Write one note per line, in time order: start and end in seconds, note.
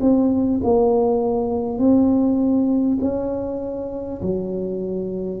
0.00 0.60 C4
0.63 1.78 A#3
1.78 2.98 C4
3.01 4.21 C#4
4.21 5.40 F#3